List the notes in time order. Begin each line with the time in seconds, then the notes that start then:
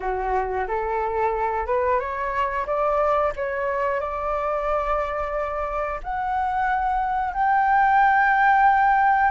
0.00 F#4
0.67 A4
1.66 B4
1.99 C#5
2.66 D5
3.35 C#5
4.00 D5
6.03 F#5
7.33 G5